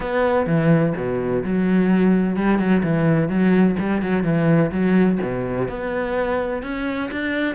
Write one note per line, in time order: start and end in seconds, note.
0.00 0.46 B3
0.46 0.93 E3
0.96 1.43 B2
1.43 2.36 F#3
2.36 2.58 G3
2.58 2.82 F#3
2.83 3.28 E3
3.28 3.76 F#3
3.79 4.02 G3
4.02 4.23 F#3
4.23 4.70 E3
4.71 5.18 F#3
5.21 5.68 B2
5.68 6.62 B3
6.62 7.10 C#4
7.11 7.55 D4